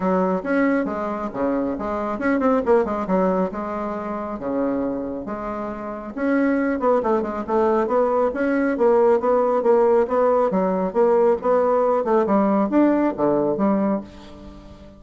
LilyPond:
\new Staff \with { instrumentName = "bassoon" } { \time 4/4 \tempo 4 = 137 fis4 cis'4 gis4 cis4 | gis4 cis'8 c'8 ais8 gis8 fis4 | gis2 cis2 | gis2 cis'4. b8 |
a8 gis8 a4 b4 cis'4 | ais4 b4 ais4 b4 | fis4 ais4 b4. a8 | g4 d'4 d4 g4 | }